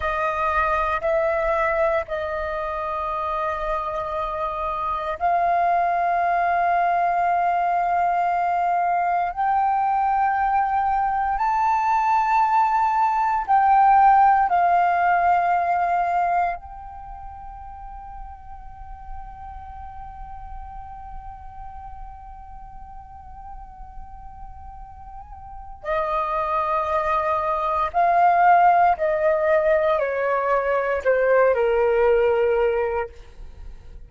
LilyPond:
\new Staff \with { instrumentName = "flute" } { \time 4/4 \tempo 4 = 58 dis''4 e''4 dis''2~ | dis''4 f''2.~ | f''4 g''2 a''4~ | a''4 g''4 f''2 |
g''1~ | g''1~ | g''4 dis''2 f''4 | dis''4 cis''4 c''8 ais'4. | }